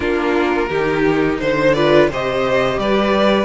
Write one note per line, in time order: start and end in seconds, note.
0.00 0.69 A#3
0.00 0.68 D4
0.00 0.69 F4
0.00 1.36 A#4
0.69 1.39 D#3
0.69 1.75 D#4
0.69 1.38 G4
1.39 2.10 D3
1.39 1.73 C5
1.39 1.74 C5
1.73 2.10 F4
1.73 2.09 B4
1.73 2.08 D5
2.09 2.77 C3
2.09 3.45 G4
2.09 2.79 C5
2.09 2.79 D#5
2.77 3.45 G3
2.77 3.45 B4
2.77 3.45 D5